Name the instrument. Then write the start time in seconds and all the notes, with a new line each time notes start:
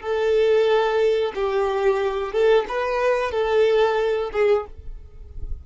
violin
0.00 A4
1.34 G4
2.32 A4
2.68 B4
3.31 A4
4.32 G#4